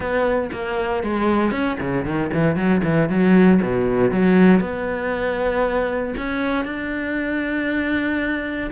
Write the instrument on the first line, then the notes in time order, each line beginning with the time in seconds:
cello
0.00 B3
0.52 A#3
1.03 G#3
1.51 C#4
1.80 C#3
2.05 D#3
2.33 E3
2.56 F#3
2.83 E3
3.09 F#3
3.62 B2
4.11 F#3
4.60 B3
6.17 C#4
6.64 D4